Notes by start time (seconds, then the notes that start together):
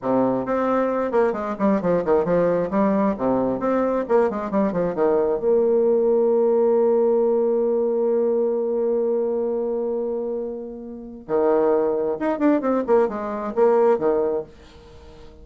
0.01 C3
0.45 C4
1.11 A#3
1.32 G#3
1.59 G3
1.81 F3
2.04 D#3
2.25 F3
2.70 G3
3.17 C3
3.59 C4
4.08 A#3
4.30 G#3
4.51 G3
4.72 F3
4.94 D#3
5.39 A#3
11.27 D#3
12.19 D#4
12.38 D4
12.61 C4
12.86 A#3
13.08 G#3
13.55 A#3
13.98 D#3